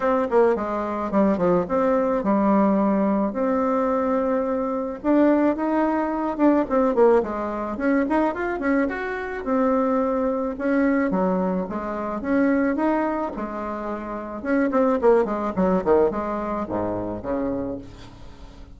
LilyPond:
\new Staff \with { instrumentName = "bassoon" } { \time 4/4 \tempo 4 = 108 c'8 ais8 gis4 g8 f8 c'4 | g2 c'2~ | c'4 d'4 dis'4. d'8 | c'8 ais8 gis4 cis'8 dis'8 f'8 cis'8 |
fis'4 c'2 cis'4 | fis4 gis4 cis'4 dis'4 | gis2 cis'8 c'8 ais8 gis8 | fis8 dis8 gis4 gis,4 cis4 | }